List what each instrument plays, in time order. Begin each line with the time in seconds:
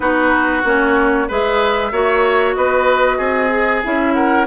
0.00 bassoon B3, clarinet D#4, oboe F#4, flute B4
0.64 bassoon A#3, clarinet C#4, flute C#5
1.28 bassoon G#3, clarinet G#4, oboe B4, flute E5
1.91 bassoon A#3, clarinet F#4, oboe C#5
2.54 bassoon B3, oboe B4, flute D#5
3.17 bassoon C4, oboe G#4
3.49 clarinet G#4
3.83 bassoon C#4, clarinet E4, flute E5
4.14 oboe A#4, flute F#5